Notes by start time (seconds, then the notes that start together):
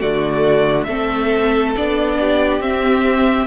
0.00 D3 A3 F#4 D5
0.84 A3 C4 A4 E5
1.76 B3 D4 D5
2.21 G4
2.60 C4 E5